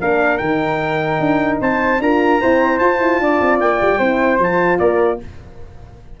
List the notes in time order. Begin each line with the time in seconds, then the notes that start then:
0.00 A#3 D4 A#4 F5
0.37 D#3 D#4 G5
1.19 D4
1.60 C4 C5 A5
1.99 D4 F4 A#4 A#5
2.40 C4 E4 C5
2.79 F4 A5
2.99 E4
3.19 D4 D5
3.41 C4
3.60 A#3 G5
3.81 G3
3.98 C4 E4 C5
4.38 F3 F4 A5
4.78 A#3 A#4 D5